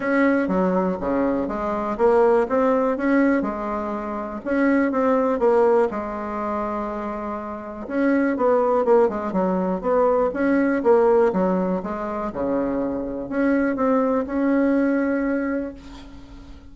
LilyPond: \new Staff \with { instrumentName = "bassoon" } { \time 4/4 \tempo 4 = 122 cis'4 fis4 cis4 gis4 | ais4 c'4 cis'4 gis4~ | gis4 cis'4 c'4 ais4 | gis1 |
cis'4 b4 ais8 gis8 fis4 | b4 cis'4 ais4 fis4 | gis4 cis2 cis'4 | c'4 cis'2. | }